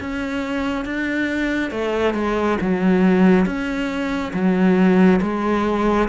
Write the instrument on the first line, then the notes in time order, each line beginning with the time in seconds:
cello
0.00 C#4
0.85 D4
1.71 A3
2.14 G#3
2.61 F#3
3.45 C#4
4.33 F#3
5.21 G#3